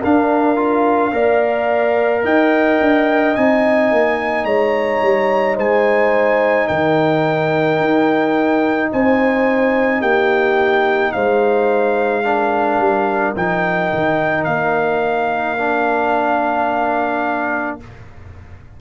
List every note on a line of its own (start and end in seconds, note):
0.00 1.12 D4
0.00 0.56 D4
0.00 1.11 A#4
0.00 2.25 F5
0.56 1.11 F4
1.12 2.23 A#3
1.12 3.34 A#4
1.12 2.23 D5
2.23 2.79 D#4
2.23 4.45 D#5
2.23 3.35 G5
2.80 3.36 D4
3.35 3.91 C4
3.35 12.24 D#4
3.35 4.44 G#5
3.91 4.44 A#3
4.44 5.00 G#3
4.44 5.55 C#5
4.44 5.56 A#5
5.01 5.57 G3
5.55 6.68 G#3
5.55 6.66 C5
5.55 6.67 G#5
6.67 7.79 D#3
6.67 8.90 A#4
6.67 8.89 G5
7.79 8.91 D#4
8.91 10.01 C4
8.91 10.00 C5
8.91 10.01 G#5
10.00 11.12 A#3
10.00 11.11 G4
10.00 11.12 G5
11.12 12.78 G#3
11.12 12.24 C5
11.12 13.34 F5
12.24 13.35 D4
12.24 17.80 A#4
12.78 13.33 G3
13.35 13.91 F3
13.35 15.58 D#4
13.35 14.44 G5
13.92 14.46 D#3
14.44 17.79 A#3
14.44 17.77 F5
15.58 17.80 D4